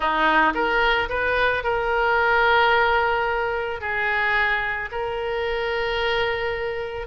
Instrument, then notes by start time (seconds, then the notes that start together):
oboe
0.00 D#4
0.54 A#4
1.09 B4
1.63 A#4
3.80 G#4
4.91 A#4